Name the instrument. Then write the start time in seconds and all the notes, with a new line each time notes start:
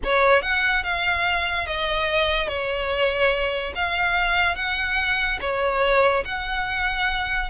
violin
0.03 C#5
0.42 F#5
0.83 F5
1.66 D#5
2.48 C#5
3.75 F5
4.55 F#5
5.40 C#5
6.25 F#5